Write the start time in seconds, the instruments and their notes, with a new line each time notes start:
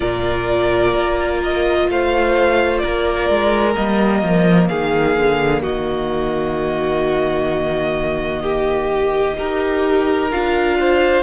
0.00 cello A#2, viola F4, violin A#4 D5
0.94 cello A#3
1.43 violin D#5
1.88 cello A3, violin C5 F5
2.78 violin A#4 D5
2.85 cello A#3
3.29 cello G#3
3.73 cello G3, viola A#3, violin D#5
4.22 cello F3
4.68 cello D#3, violin G#4 F5
5.16 cello D3
5.62 cello D#3, violin F#4 D#5
8.43 violin G4
9.34 cello D#4, viola G4, violin A#4
10.31 cello D4, viola F4, violin F5
10.79 violin C5